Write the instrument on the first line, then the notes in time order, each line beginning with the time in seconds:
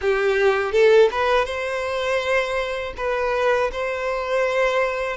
violin
0.01 G4
0.72 A4
1.11 B4
1.45 C5
2.96 B4
3.72 C5